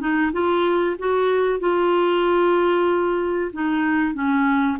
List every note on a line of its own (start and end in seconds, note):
0.00 0.32 D#4
0.32 0.96 F4
0.99 1.60 F#4
1.60 3.51 F4
3.53 4.14 D#4
4.14 4.78 C#4